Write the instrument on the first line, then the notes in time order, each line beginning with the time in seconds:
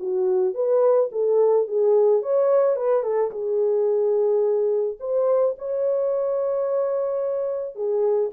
horn
0.00 F#4
0.55 B4
1.12 A4
1.68 G#4
2.23 C#5
2.77 B4
3.03 A4
3.32 G#4
5.00 C5
5.59 C#5
7.76 G#4